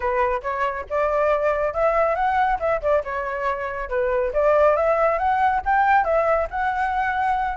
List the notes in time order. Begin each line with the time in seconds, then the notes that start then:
0.00 B4
0.42 C#5
0.89 D5
1.73 E5
2.15 F#5
2.59 E5
2.81 D5
3.04 C#5
3.89 B4
4.33 D5
4.76 E5
5.18 F#5
5.65 G5
6.04 E5
6.50 F#5